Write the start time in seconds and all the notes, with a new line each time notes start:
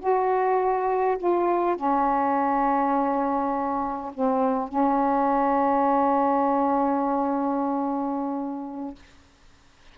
0.00 F#4
1.18 F4
1.76 C#4
4.14 C4
4.68 C#4